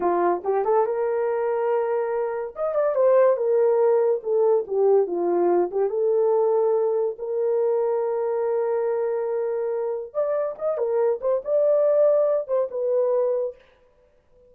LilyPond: \new Staff \with { instrumentName = "horn" } { \time 4/4 \tempo 4 = 142 f'4 g'8 a'8 ais'2~ | ais'2 dis''8 d''8 c''4 | ais'2 a'4 g'4 | f'4. g'8 a'2~ |
a'4 ais'2.~ | ais'1 | d''4 dis''8 ais'4 c''8 d''4~ | d''4. c''8 b'2 | }